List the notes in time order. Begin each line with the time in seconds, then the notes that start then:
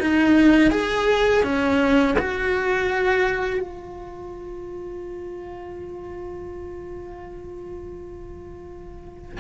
0.00 D#4
0.71 G#4
1.43 C#4
2.19 F#4
3.60 F4